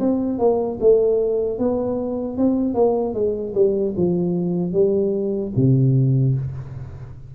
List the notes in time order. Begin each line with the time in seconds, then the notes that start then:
0.00 C4
0.39 A#3
0.81 A3
1.59 B3
2.38 C4
2.75 A#3
3.14 G#3
3.55 G3
3.97 F3
4.73 G3
5.56 C3